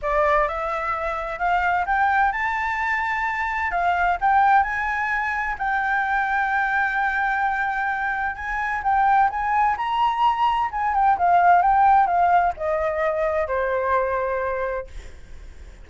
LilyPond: \new Staff \with { instrumentName = "flute" } { \time 4/4 \tempo 4 = 129 d''4 e''2 f''4 | g''4 a''2. | f''4 g''4 gis''2 | g''1~ |
g''2 gis''4 g''4 | gis''4 ais''2 gis''8 g''8 | f''4 g''4 f''4 dis''4~ | dis''4 c''2. | }